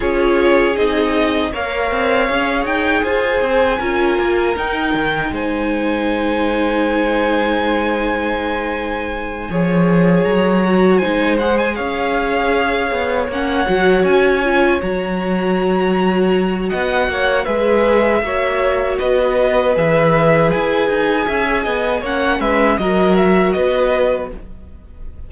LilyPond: <<
  \new Staff \with { instrumentName = "violin" } { \time 4/4 \tempo 4 = 79 cis''4 dis''4 f''4. g''8 | gis''2 g''4 gis''4~ | gis''1~ | gis''4. ais''4 gis''8 fis''16 gis''16 f''8~ |
f''4. fis''4 gis''4 ais''8~ | ais''2 fis''4 e''4~ | e''4 dis''4 e''4 gis''4~ | gis''4 fis''8 e''8 dis''8 e''8 dis''4 | }
  \new Staff \with { instrumentName = "violin" } { \time 4/4 gis'2 cis''2 | c''4 ais'2 c''4~ | c''1~ | c''8 cis''2 c''4 cis''8~ |
cis''1~ | cis''2 dis''8 cis''8 b'4 | cis''4 b'2. | e''8 dis''8 cis''8 b'8 ais'4 b'4 | }
  \new Staff \with { instrumentName = "viola" } { \time 4/4 f'4 dis'4 ais'4 gis'4~ | gis'4 f'4 dis'2~ | dis'1~ | dis'8 gis'4. fis'8 dis'8 gis'4~ |
gis'4. cis'8 fis'4 f'8 fis'8~ | fis'2. gis'4 | fis'2 gis'2~ | gis'4 cis'4 fis'2 | }
  \new Staff \with { instrumentName = "cello" } { \time 4/4 cis'4 c'4 ais8 c'8 cis'8 dis'8 | f'8 c'8 cis'8 ais8 dis'8 dis8 gis4~ | gis1~ | gis8 f4 fis4 gis4 cis'8~ |
cis'4 b8 ais8 fis8 cis'4 fis8~ | fis2 b8 ais8 gis4 | ais4 b4 e4 e'8 dis'8 | cis'8 b8 ais8 gis8 fis4 b4 | }
>>